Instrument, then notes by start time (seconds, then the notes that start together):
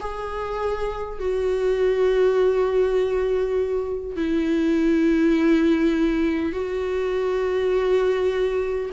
viola
0.00 G#4
1.19 F#4
4.16 E4
6.52 F#4